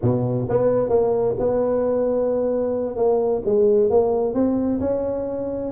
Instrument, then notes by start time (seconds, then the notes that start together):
tuba
0.02 B2
0.49 B3
0.89 A#3
1.39 B3
2.96 A#3
3.45 G#3
3.90 A#3
4.33 C4
4.80 C#4